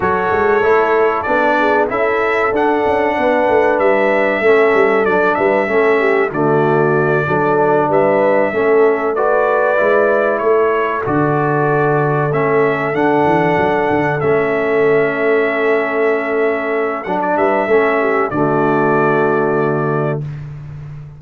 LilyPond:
<<
  \new Staff \with { instrumentName = "trumpet" } { \time 4/4 \tempo 4 = 95 cis''2 d''4 e''4 | fis''2 e''2 | d''8 e''4. d''2~ | d''8 e''2 d''4.~ |
d''8 cis''4 d''2 e''8~ | e''8 fis''2 e''4.~ | e''2. fis''16 d''16 e''8~ | e''4 d''2. | }
  \new Staff \with { instrumentName = "horn" } { \time 4/4 a'2~ a'8 gis'8 a'4~ | a'4 b'2 a'4~ | a'8 b'8 a'8 g'8 fis'4. a'8~ | a'8 b'4 a'4 b'4.~ |
b'8 a'2.~ a'8~ | a'1~ | a'2.~ a'8 b'8 | a'8 g'8 fis'2. | }
  \new Staff \with { instrumentName = "trombone" } { \time 4/4 fis'4 e'4 d'4 e'4 | d'2. cis'4 | d'4 cis'4 a4. d'8~ | d'4. cis'4 fis'4 e'8~ |
e'4. fis'2 cis'8~ | cis'8 d'2 cis'4.~ | cis'2. d'4 | cis'4 a2. | }
  \new Staff \with { instrumentName = "tuba" } { \time 4/4 fis8 gis8 a4 b4 cis'4 | d'8 cis'8 b8 a8 g4 a8 g8 | fis8 g8 a4 d4. fis8~ | fis8 g4 a2 gis8~ |
gis8 a4 d2 a8~ | a8 d8 e8 fis8 d8 a4.~ | a2. fis8 g8 | a4 d2. | }
>>